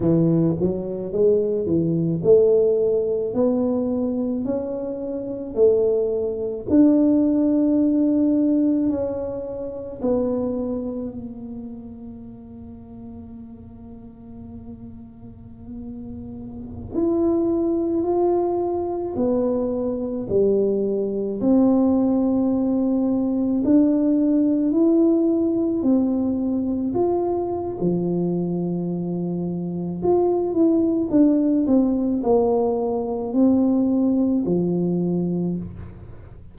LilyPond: \new Staff \with { instrumentName = "tuba" } { \time 4/4 \tempo 4 = 54 e8 fis8 gis8 e8 a4 b4 | cis'4 a4 d'2 | cis'4 b4 ais2~ | ais2.~ ais16 e'8.~ |
e'16 f'4 b4 g4 c'8.~ | c'4~ c'16 d'4 e'4 c'8.~ | c'16 f'8. f2 f'8 e'8 | d'8 c'8 ais4 c'4 f4 | }